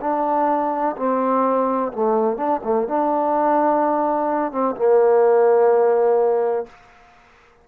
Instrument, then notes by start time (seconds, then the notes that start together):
trombone
0.00 D4
0.97 C4
1.92 A3
2.36 D4
2.64 A3
2.87 D4
4.52 C4
4.75 A#3